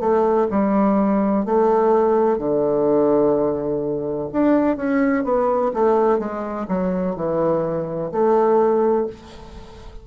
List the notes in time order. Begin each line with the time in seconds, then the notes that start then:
0.00 A3
0.51 G3
1.46 A3
2.39 D3
4.33 D4
4.77 C#4
5.24 B3
5.74 A3
6.19 G#3
6.68 F#3
7.16 E3
8.12 A3